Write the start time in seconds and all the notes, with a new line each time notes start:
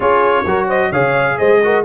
0.00 C#4 F4 G#4 C#5
0.45 F#3 F#4 A#4
0.67 C5 D#5
0.91 C#3 G#4 C#5 F5
1.37 G#3 C5 D#5
1.63 F#4 A#4